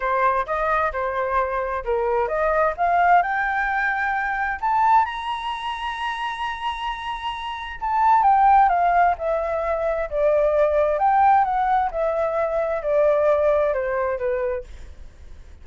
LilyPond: \new Staff \with { instrumentName = "flute" } { \time 4/4 \tempo 4 = 131 c''4 dis''4 c''2 | ais'4 dis''4 f''4 g''4~ | g''2 a''4 ais''4~ | ais''1~ |
ais''4 a''4 g''4 f''4 | e''2 d''2 | g''4 fis''4 e''2 | d''2 c''4 b'4 | }